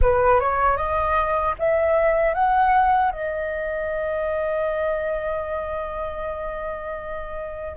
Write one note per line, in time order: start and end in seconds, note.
0.01 0.40 B4
0.40 0.77 C#5
0.77 1.54 D#5
1.58 2.34 E5
2.34 3.11 F#5
3.11 7.76 D#5